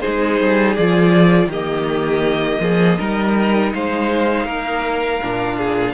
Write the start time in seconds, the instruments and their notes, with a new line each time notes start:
0.00 viola D#4, violin G#4 C5
0.06 cello G#3
0.40 cello G3
0.75 cello F3, viola F4, violin D5
1.46 cello D#3, violin G4 D#5
1.53 viola A#3
2.60 cello F3, violin G#4
2.99 cello G3, viola D#4, violin A#4
3.73 cello G#3, violin C5 F5
4.45 cello A#3, violin A#4
5.22 cello A#2, viola D4
5.57 violin G#4